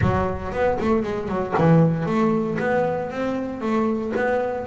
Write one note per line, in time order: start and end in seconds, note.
0.01 0.52 F#3
0.52 0.78 B3
0.79 1.03 A3
1.03 1.28 G#3
1.28 1.54 F#3
1.58 2.05 E3
2.05 2.57 A3
2.59 3.10 B3
3.10 3.61 C4
3.61 4.12 A3
4.16 4.66 B3